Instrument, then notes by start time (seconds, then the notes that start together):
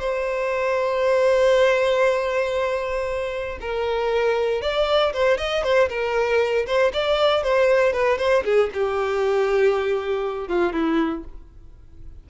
violin
0.00 C5
3.61 A#4
4.62 D5
5.14 C5
5.38 D#5
5.64 C5
5.90 A#4
6.67 C5
6.94 D5
7.44 C5
7.93 B4
8.18 C5
8.45 G#4
8.74 G4
10.48 F4
10.73 E4